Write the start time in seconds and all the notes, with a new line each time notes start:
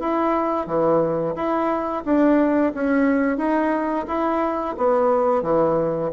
0.00 E4
0.67 E3
1.36 E4
2.05 D4
2.75 C#4
3.37 D#4
4.08 E4
4.77 B3
5.43 E3